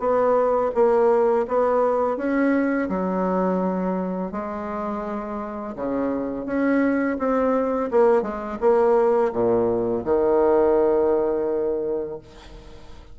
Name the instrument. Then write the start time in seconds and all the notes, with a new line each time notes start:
bassoon
0.00 B3
0.75 A#3
1.48 B3
2.18 C#4
2.89 F#3
4.32 G#3
5.76 C#3
6.46 C#4
7.19 C4
7.92 A#3
8.23 G#3
8.61 A#3
9.33 A#2
10.05 D#3